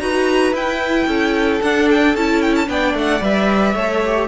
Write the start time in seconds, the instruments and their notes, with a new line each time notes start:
0.00 cello D#4, viola F#4, violin B4 A#5
0.53 cello E4, viola E4, violin G5
1.07 cello C#4, violin A4
1.62 cello D4, viola D4, violin F#5
1.91 violin G5
2.16 cello C#4, viola E4, violin A5
2.42 violin G5
2.56 violin A5
2.67 cello B3, viola D4, violin D5 G5
2.94 cello A3, violin F#5
3.21 cello G3, viola B4, violin E5
3.75 cello A3, viola A4, violin C#5
4.06 viola G4